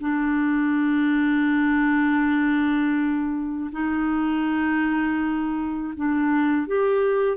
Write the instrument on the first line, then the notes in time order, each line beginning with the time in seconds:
clarinet
0.00 D4
3.71 D#4
5.96 D4
6.67 G4